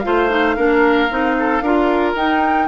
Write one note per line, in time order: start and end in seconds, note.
0.00 0.58 A3
0.00 0.30 F4
0.00 2.12 F5
0.06 0.57 C5
0.30 0.57 D#4
0.57 1.11 A#3
0.57 1.10 D4
0.57 1.36 A#4
1.10 1.61 C4
1.10 1.63 D#4
1.39 1.63 A4
1.61 2.14 D4
1.61 2.17 F4
1.61 2.68 A#4
2.15 2.68 D#4
2.15 2.68 G5